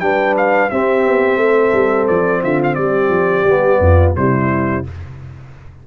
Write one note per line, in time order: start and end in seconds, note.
0.00 0.69 G3
0.00 0.70 D4
0.00 0.71 B4
0.00 0.34 G5
0.37 0.70 F5
0.70 3.46 C4
0.70 1.06 C4
0.70 1.40 G4
0.70 2.07 E5
1.06 1.36 B3
1.36 1.70 A3
1.43 2.42 A4
1.72 2.07 G3
2.07 2.43 F3
2.07 2.42 D5
2.42 2.77 D3
2.42 2.76 F4
2.42 2.61 E5
2.63 2.74 F5
2.74 3.09 G3
2.74 3.80 G4
2.74 4.12 D5
3.09 3.43 F3
3.43 3.78 G3
3.43 4.15 B3
3.79 4.13 F2
3.79 4.17 F4
4.15 4.85 C3
4.15 4.84 G3
4.15 4.87 E4
4.15 4.85 C5